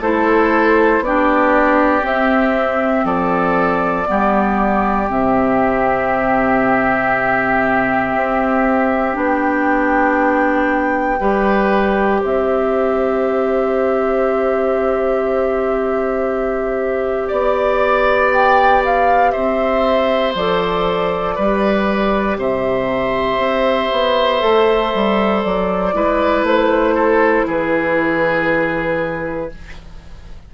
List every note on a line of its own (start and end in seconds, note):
0.00 1.00 A3
0.00 1.04 E4
0.00 1.03 A4
0.00 1.04 C5
1.00 2.02 B3
1.00 2.01 D4
1.00 2.05 D5
1.06 3.05 G4
2.01 4.05 C4
2.01 3.04 C4
2.01 3.06 E5
3.04 4.06 F3
3.04 4.07 A4
3.04 5.09 D5
4.05 5.10 G3
4.05 5.07 B3
4.05 11.20 G4
5.09 8.15 C3
5.09 9.13 C4
5.09 9.18 E5
8.15 9.16 C4
9.13 11.19 B3
9.13 11.16 D4
9.13 12.24 G5
11.19 12.22 G3
11.19 20.34 G4
11.19 12.21 B4
12.21 17.31 C4
12.21 17.28 C5
12.21 17.30 E5
17.28 19.35 B3
17.28 19.31 D5
17.28 18.31 D5
18.32 18.83 G5
18.85 19.31 F5
19.31 20.35 C4
19.31 21.35 C5
19.31 20.33 E5
20.35 21.37 F3
20.35 21.39 A4
20.35 22.39 D5
21.35 22.37 G3
21.35 24.39 G4
21.35 22.37 B4
22.37 23.38 C3
22.37 25.95 C5
22.37 25.43 E5
23.38 23.89 C4
23.92 24.42 B3
24.39 24.93 A3
24.39 25.92 A4
24.94 25.45 G3
25.43 25.94 F#3
25.43 26.45 D5
25.93 26.43 G#3
25.93 29.49 E4
25.93 26.94 B4
26.43 27.44 A3
26.43 27.48 C5
26.94 27.45 A4
27.47 29.50 E3
27.47 29.51 G#4
27.47 29.54 B4